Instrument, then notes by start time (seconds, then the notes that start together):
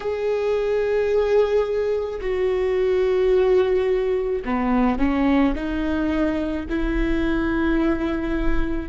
viola
0.00 G#4
2.20 F#4
4.44 B3
4.98 C#4
5.55 D#4
6.69 E4